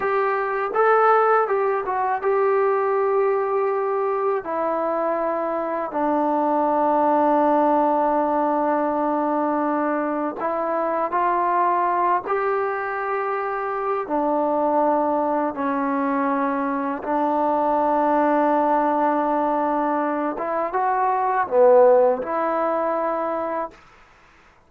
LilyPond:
\new Staff \with { instrumentName = "trombone" } { \time 4/4 \tempo 4 = 81 g'4 a'4 g'8 fis'8 g'4~ | g'2 e'2 | d'1~ | d'2 e'4 f'4~ |
f'8 g'2~ g'8 d'4~ | d'4 cis'2 d'4~ | d'2.~ d'8 e'8 | fis'4 b4 e'2 | }